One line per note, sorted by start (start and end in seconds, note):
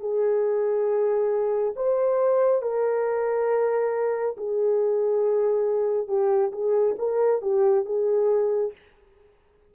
0.00 1.74 G#4
1.76 2.62 C5
2.62 4.36 A#4
4.37 6.08 G#4
6.08 6.51 G4
6.52 6.96 G#4
6.98 7.42 A#4
7.42 7.85 G4
7.85 8.72 G#4